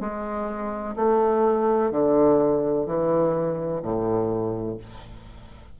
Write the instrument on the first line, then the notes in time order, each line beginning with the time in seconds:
bassoon
0.00 G#3
0.96 A3
1.91 D3
2.86 E3
3.82 A2